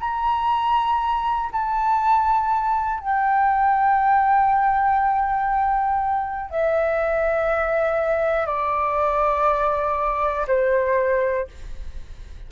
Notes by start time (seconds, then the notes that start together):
0.00 A#5
1.52 A5
3.00 G5
6.50 E5
8.46 D5
10.47 C5